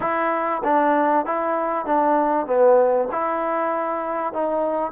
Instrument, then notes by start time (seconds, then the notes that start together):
trombone
0.00 E4
0.64 D4
1.25 E4
1.85 D4
2.46 B3
3.11 E4
4.33 D#4